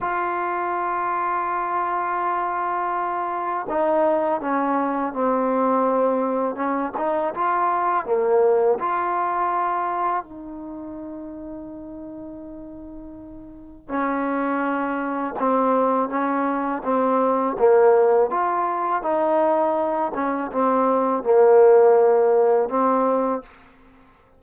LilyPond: \new Staff \with { instrumentName = "trombone" } { \time 4/4 \tempo 4 = 82 f'1~ | f'4 dis'4 cis'4 c'4~ | c'4 cis'8 dis'8 f'4 ais4 | f'2 dis'2~ |
dis'2. cis'4~ | cis'4 c'4 cis'4 c'4 | ais4 f'4 dis'4. cis'8 | c'4 ais2 c'4 | }